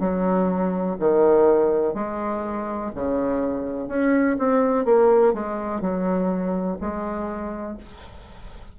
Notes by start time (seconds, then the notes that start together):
0.00 F#3
0.99 D#3
1.94 G#3
2.95 C#3
3.88 C#4
4.39 C4
4.85 A#3
5.34 G#3
5.81 F#3
6.81 G#3